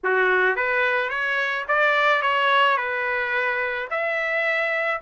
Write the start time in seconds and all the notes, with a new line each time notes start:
0.03 F#4
0.56 B4
1.09 C#5
1.68 D5
2.21 C#5
2.77 B4
3.90 E5